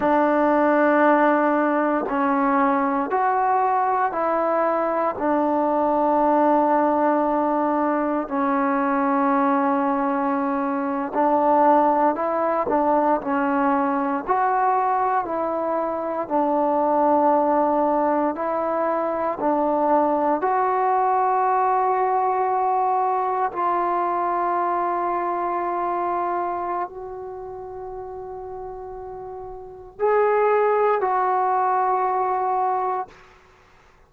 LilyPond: \new Staff \with { instrumentName = "trombone" } { \time 4/4 \tempo 4 = 58 d'2 cis'4 fis'4 | e'4 d'2. | cis'2~ cis'8. d'4 e'16~ | e'16 d'8 cis'4 fis'4 e'4 d'16~ |
d'4.~ d'16 e'4 d'4 fis'16~ | fis'2~ fis'8. f'4~ f'16~ | f'2 fis'2~ | fis'4 gis'4 fis'2 | }